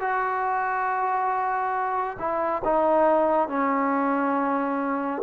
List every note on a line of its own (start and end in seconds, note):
0.00 2.17 F#4
2.19 2.62 E4
2.64 3.49 D#4
3.49 5.23 C#4